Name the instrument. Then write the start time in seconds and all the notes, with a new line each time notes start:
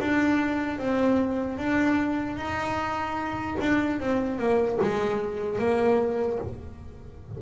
double bass
0.00 D4
0.79 C4
1.58 D4
2.37 D#4
3.60 D4
4.00 C4
4.39 A#3
4.81 G#3
5.59 A#3